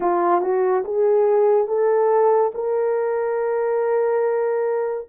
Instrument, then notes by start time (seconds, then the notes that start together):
horn
0.00 F4
0.41 F#4
0.84 G#4
1.67 A4
2.54 A#4